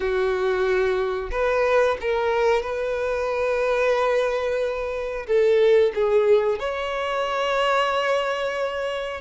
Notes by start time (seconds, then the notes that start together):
0.00 F#4
1.31 B4
2.00 A#4
2.62 B4
5.26 A4
5.94 G#4
6.59 C#5